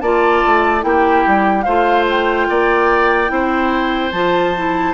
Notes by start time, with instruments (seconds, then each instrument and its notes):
0.00 bassoon A#3, clarinet F4, oboe D5, flute A5
0.46 bassoon A3
0.80 bassoon A#3, clarinet E4, oboe G4, flute G5
1.26 bassoon G3
1.62 bassoon A3, clarinet F4, oboe C5, flute F5
2.09 flute G5
2.49 bassoon A#3, oboe D5
3.27 bassoon C4, clarinet E4, oboe C5
4.11 bassoon F3, clarinet F4, flute A5
4.56 clarinet E4